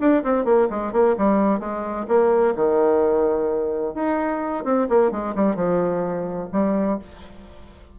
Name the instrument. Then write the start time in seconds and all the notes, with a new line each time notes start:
bassoon
0.00 D4
0.24 C4
0.45 A#3
0.70 G#3
0.92 A#3
1.18 G3
1.60 G#3
2.08 A#3
2.56 D#3
3.95 D#4
4.64 C4
4.89 A#3
5.11 G#3
5.35 G3
5.56 F3
6.52 G3